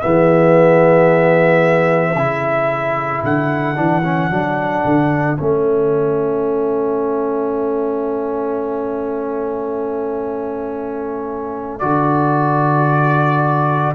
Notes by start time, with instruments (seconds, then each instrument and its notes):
0.00 tuba E3, trombone B3, horn G#4, trumpet E5
2.15 tuba C#3, trombone E4, horn A4
3.23 tuba D3, trumpet F#5
3.75 tuba E3, trombone D4
4.03 trombone C#4
4.30 tuba F#3, trombone D4
4.85 tuba D3
5.37 tuba A3, trombone C#4, trumpet E5
11.78 tuba D3, trombone F#4, trumpet D5